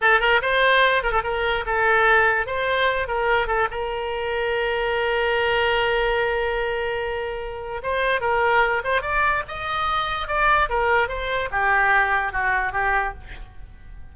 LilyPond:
\new Staff \with { instrumentName = "oboe" } { \time 4/4 \tempo 4 = 146 a'8 ais'8 c''4. ais'16 a'16 ais'4 | a'2 c''4. ais'8~ | ais'8 a'8 ais'2.~ | ais'1~ |
ais'2. c''4 | ais'4. c''8 d''4 dis''4~ | dis''4 d''4 ais'4 c''4 | g'2 fis'4 g'4 | }